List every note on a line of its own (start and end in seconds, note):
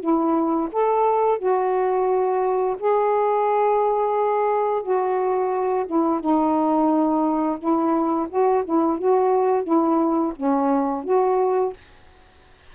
0.00 0.69 E4
0.72 1.39 A4
1.39 2.76 F#4
2.79 4.82 G#4
4.82 5.86 F#4
5.87 6.20 E4
6.20 7.58 D#4
7.59 8.28 E4
8.29 8.64 F#4
8.65 8.99 E4
8.99 9.64 F#4
9.64 10.33 E4
10.36 11.04 C#4
11.04 11.73 F#4